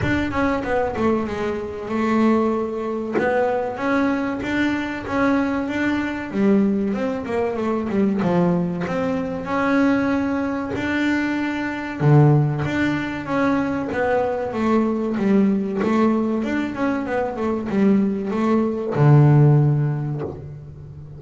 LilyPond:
\new Staff \with { instrumentName = "double bass" } { \time 4/4 \tempo 4 = 95 d'8 cis'8 b8 a8 gis4 a4~ | a4 b4 cis'4 d'4 | cis'4 d'4 g4 c'8 ais8 | a8 g8 f4 c'4 cis'4~ |
cis'4 d'2 d4 | d'4 cis'4 b4 a4 | g4 a4 d'8 cis'8 b8 a8 | g4 a4 d2 | }